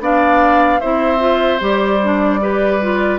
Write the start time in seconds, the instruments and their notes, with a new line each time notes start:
0.00 bassoon B3, clarinet D4, oboe D5, flute F5
0.80 bassoon C4, clarinet E4, oboe C5, flute E5
1.19 clarinet F4
1.60 bassoon G3, clarinet G4, flute D5
2.03 clarinet D4
2.40 clarinet G4, oboe B4
2.82 clarinet F4